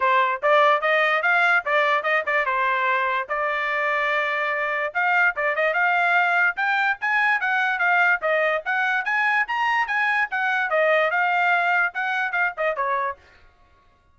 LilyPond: \new Staff \with { instrumentName = "trumpet" } { \time 4/4 \tempo 4 = 146 c''4 d''4 dis''4 f''4 | d''4 dis''8 d''8 c''2 | d''1 | f''4 d''8 dis''8 f''2 |
g''4 gis''4 fis''4 f''4 | dis''4 fis''4 gis''4 ais''4 | gis''4 fis''4 dis''4 f''4~ | f''4 fis''4 f''8 dis''8 cis''4 | }